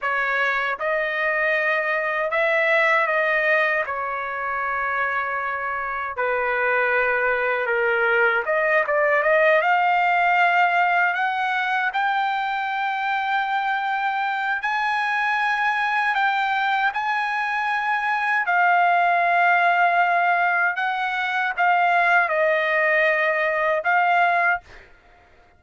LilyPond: \new Staff \with { instrumentName = "trumpet" } { \time 4/4 \tempo 4 = 78 cis''4 dis''2 e''4 | dis''4 cis''2. | b'2 ais'4 dis''8 d''8 | dis''8 f''2 fis''4 g''8~ |
g''2. gis''4~ | gis''4 g''4 gis''2 | f''2. fis''4 | f''4 dis''2 f''4 | }